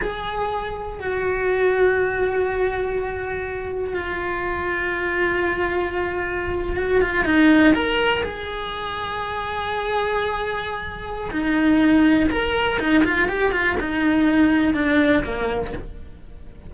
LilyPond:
\new Staff \with { instrumentName = "cello" } { \time 4/4 \tempo 4 = 122 gis'2 fis'2~ | fis'1 | f'1~ | f'4.~ f'16 fis'8 f'8 dis'4 ais'16~ |
ais'8. gis'2.~ gis'16~ | gis'2. dis'4~ | dis'4 ais'4 dis'8 f'8 g'8 f'8 | dis'2 d'4 ais4 | }